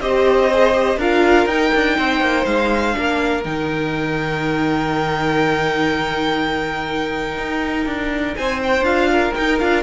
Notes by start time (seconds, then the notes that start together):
0.00 C4 G4 C5 D#5
0.52 G#4
0.73 G4
0.97 D4 F4 A#4 F5
1.46 D#4 G5
1.74 D4
1.98 C4 C5
2.20 A#3
2.45 G#3 F5
2.92 A#3 D4 A#4
3.44 D#3 D#4 G5
7.37 D#4
7.86 D4
8.35 C4 C5 G#5
8.63 G5
8.81 D4 F4 F5
9.11 A#4
9.34 D#4 G5
9.59 D4 F4 F5